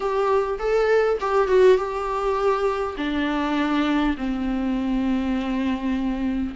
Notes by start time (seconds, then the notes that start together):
0.00 G4
0.59 A4
1.20 G4
1.47 F#4
1.77 G4
2.97 D4
4.17 C4